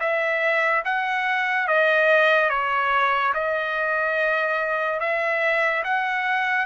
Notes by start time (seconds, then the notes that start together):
0.00 E5
0.85 F#5
1.68 D#5
2.50 C#5
3.34 D#5
5.00 E5
5.84 F#5